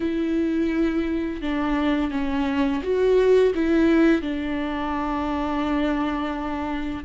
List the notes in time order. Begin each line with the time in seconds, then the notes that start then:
0.00 E4
1.41 D4
2.10 C#4
2.82 F#4
3.55 E4
4.21 D4